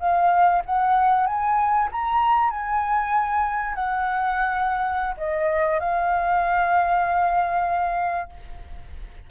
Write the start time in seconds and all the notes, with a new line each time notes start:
0.00 F5
0.66 F#5
1.27 G#5
1.92 A#5
2.51 G#5
3.75 F#5
5.18 D#5
5.80 F5